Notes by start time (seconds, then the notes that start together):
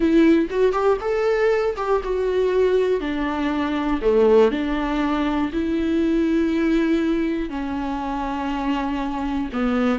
0.00 E4
0.50 F#4
0.72 G4
1.00 A4
1.76 G4
2.03 F#4
3.00 D4
4.01 A3
4.51 D4
5.52 E4
7.49 C#4
9.53 B3